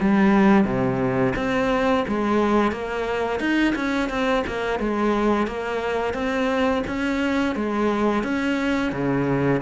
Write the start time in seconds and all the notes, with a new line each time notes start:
0.00 G3
0.64 C3
1.36 C4
2.08 G#3
2.71 A#3
3.39 D#4
3.75 C#4
4.09 C4
4.47 A#3
4.79 G#3
5.47 A#3
6.14 C4
6.87 C#4
7.55 G#3
8.23 C#4
8.92 C#3